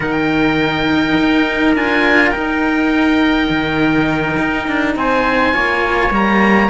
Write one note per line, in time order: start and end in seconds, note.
0.00 1.17 D#3
0.00 1.76 D#4
0.00 4.95 A#4
0.00 1.74 G5
1.18 1.74 D#4
1.74 2.31 D4
1.74 2.34 F4
1.74 2.30 G#5
2.30 3.48 D#4
2.30 5.52 D#4
2.30 4.92 G5
3.49 4.36 D#3
4.38 4.67 D#4
4.67 4.95 D4
4.95 5.54 C4
4.95 5.54 C5
4.95 6.13 G#5
5.52 6.10 A#3
5.52 6.11 F4
5.52 6.70 C#5
6.10 6.68 G3
6.10 6.69 A#3
6.10 6.70 A#5